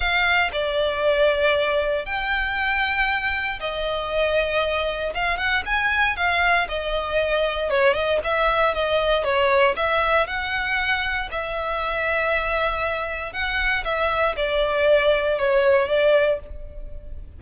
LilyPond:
\new Staff \with { instrumentName = "violin" } { \time 4/4 \tempo 4 = 117 f''4 d''2. | g''2. dis''4~ | dis''2 f''8 fis''8 gis''4 | f''4 dis''2 cis''8 dis''8 |
e''4 dis''4 cis''4 e''4 | fis''2 e''2~ | e''2 fis''4 e''4 | d''2 cis''4 d''4 | }